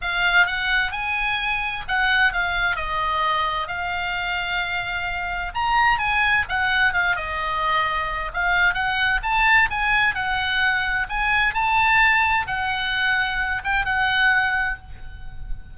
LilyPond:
\new Staff \with { instrumentName = "oboe" } { \time 4/4 \tempo 4 = 130 f''4 fis''4 gis''2 | fis''4 f''4 dis''2 | f''1 | ais''4 gis''4 fis''4 f''8 dis''8~ |
dis''2 f''4 fis''4 | a''4 gis''4 fis''2 | gis''4 a''2 fis''4~ | fis''4. g''8 fis''2 | }